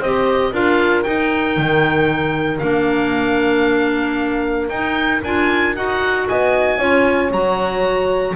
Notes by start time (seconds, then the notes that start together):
0.00 C4 G4 C5 D#5
0.52 D4 F4 A#4 F5
1.03 D#4 G5
1.57 D#3
2.59 A#3 D4 F5
4.69 D#4 G5
5.24 D4 F4 G#5
5.75 D#4 F#4 F#5
6.28 B3 D#5 G#5
6.78 C#4 F4 C#5
7.31 F#3 F#4 A#5